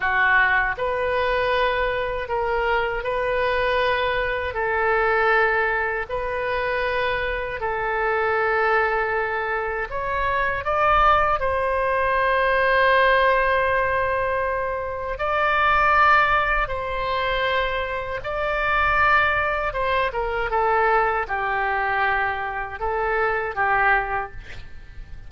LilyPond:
\new Staff \with { instrumentName = "oboe" } { \time 4/4 \tempo 4 = 79 fis'4 b'2 ais'4 | b'2 a'2 | b'2 a'2~ | a'4 cis''4 d''4 c''4~ |
c''1 | d''2 c''2 | d''2 c''8 ais'8 a'4 | g'2 a'4 g'4 | }